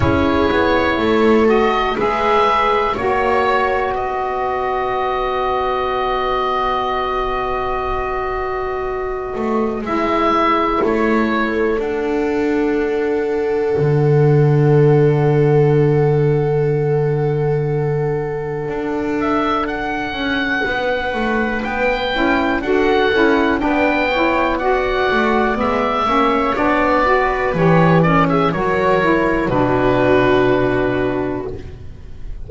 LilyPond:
<<
  \new Staff \with { instrumentName = "oboe" } { \time 4/4 \tempo 4 = 61 cis''4. dis''8 e''4 cis''4 | dis''1~ | dis''2 e''4 cis''4 | fis''1~ |
fis''2.~ fis''8 e''8 | fis''2 g''4 fis''4 | g''4 fis''4 e''4 d''4 | cis''8 d''16 e''16 cis''4 b'2 | }
  \new Staff \with { instrumentName = "viola" } { \time 4/4 gis'4 a'4 b'4 cis''4 | b'1~ | b'2. a'4~ | a'1~ |
a'1~ | a'4 b'2 a'4 | b'8 cis''8 d''4. cis''4 b'8~ | b'8 ais'16 gis'16 ais'4 fis'2 | }
  \new Staff \with { instrumentName = "saxophone" } { \time 4/4 e'4. fis'8 gis'4 fis'4~ | fis'1~ | fis'2 e'2 | d'1~ |
d'1~ | d'2~ d'8 e'8 fis'8 e'8 | d'8 e'8 fis'4 b8 cis'8 d'8 fis'8 | g'8 cis'8 fis'8 e'8 d'2 | }
  \new Staff \with { instrumentName = "double bass" } { \time 4/4 cis'8 b8 a4 gis4 ais4 | b1~ | b4. a8 gis4 a4 | d'2 d2~ |
d2. d'4~ | d'8 cis'8 b8 a8 b8 cis'8 d'8 cis'8 | b4. a8 gis8 ais8 b4 | e4 fis4 b,2 | }
>>